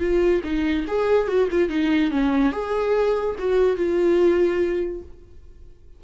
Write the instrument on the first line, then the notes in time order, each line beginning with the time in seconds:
viola
0.00 F4
0.44 D#4
0.88 G#4
1.28 F#4
1.51 F4
1.70 D#4
2.11 C#4
2.53 G#4
3.39 F#4
3.77 F4